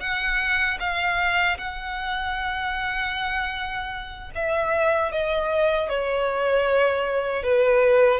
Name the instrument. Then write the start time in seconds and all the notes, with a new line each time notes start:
violin
0.00 F#5
0.79 F5
1.58 F#5
4.35 E5
5.11 D#5
5.89 C#5
7.43 B4